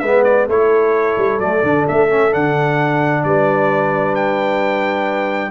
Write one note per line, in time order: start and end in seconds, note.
0.00 0.48 G#3
0.00 0.50 B3
0.00 0.48 B4
0.00 0.23 E5
0.24 0.47 D5
0.48 1.17 A3
0.48 1.42 E4
0.48 3.24 A4
0.48 1.40 C#5
1.18 1.39 G3
1.39 1.62 F#3
1.39 1.64 A3
1.39 1.86 D5
1.64 1.87 D3
1.64 2.10 D4
1.88 2.34 A3
1.88 2.34 E5
2.10 2.31 C#4
2.31 3.25 D3
2.31 5.52 D4
2.31 3.24 F#5
3.24 5.52 G3
3.24 5.52 B4
3.24 4.15 D5
4.15 5.52 G5